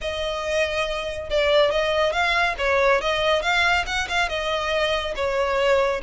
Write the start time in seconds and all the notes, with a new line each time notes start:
0.01 D#5
1.30 D5
1.71 D#5
2.12 F5
2.58 C#5
3.01 D#5
3.42 F5
3.86 F#5
4.08 F5
4.28 D#5
5.15 C#5